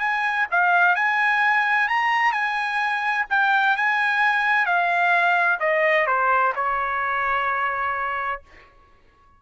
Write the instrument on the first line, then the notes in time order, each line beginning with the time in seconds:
trumpet
0.00 G#5
0.51 F5
0.96 G#5
1.88 A#5
2.32 G#5
3.30 G5
3.77 G#5
4.66 F5
5.60 D#5
6.07 C5
6.56 C#5